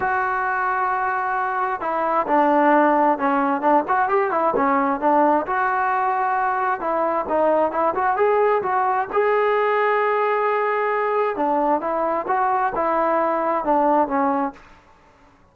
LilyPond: \new Staff \with { instrumentName = "trombone" } { \time 4/4 \tempo 4 = 132 fis'1 | e'4 d'2 cis'4 | d'8 fis'8 g'8 e'8 cis'4 d'4 | fis'2. e'4 |
dis'4 e'8 fis'8 gis'4 fis'4 | gis'1~ | gis'4 d'4 e'4 fis'4 | e'2 d'4 cis'4 | }